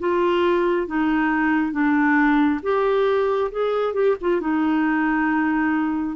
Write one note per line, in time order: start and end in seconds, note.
0.00 0.87 F4
0.87 1.72 D#4
1.72 2.61 D4
2.63 3.51 G4
3.52 3.94 G#4
3.94 4.16 G4
4.22 4.41 F4
4.41 6.17 D#4